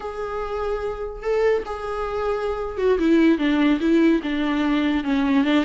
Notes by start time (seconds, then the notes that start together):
0.00 G#4
1.22 A4
1.65 G#4
2.77 F#4
2.98 E4
3.38 D4
3.80 E4
4.22 D4
5.03 C#4
5.44 D4